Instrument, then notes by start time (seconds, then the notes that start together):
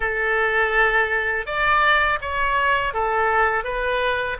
oboe
0.00 A4
1.45 D5
2.21 C#5
2.93 A4
3.64 B4